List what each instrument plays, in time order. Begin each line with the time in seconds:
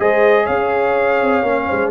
0.00 tuba G#3, trombone G#4, horn C5, trumpet D#5
0.44 tuba C#4, horn C#5, trumpet F5
1.21 tuba C4
1.43 tuba A#3, trombone C#4
1.67 tuba G#3, horn C5